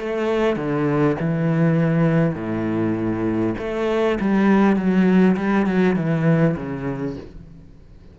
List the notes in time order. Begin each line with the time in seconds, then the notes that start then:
0.00 A3
0.57 D3
1.20 E3
2.35 A2
3.59 A3
4.21 G3
4.77 F#3
5.37 G3
5.67 F#3
5.96 E3
6.57 C#3